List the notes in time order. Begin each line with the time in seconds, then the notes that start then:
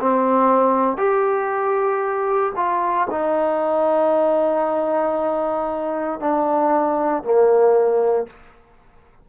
0.00 C4
0.97 G4
2.56 F4
3.10 D#4
6.20 D4
7.24 A#3